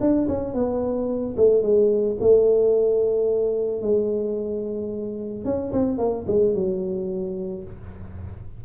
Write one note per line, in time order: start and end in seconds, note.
0.00 0.27 D4
0.28 0.54 C#4
0.54 1.35 B3
1.37 1.62 A3
1.62 2.17 G#3
2.20 3.81 A3
3.81 5.44 G#3
5.44 5.72 C#4
5.72 5.98 C4
5.98 6.25 A#3
6.27 6.54 G#3
6.54 7.63 F#3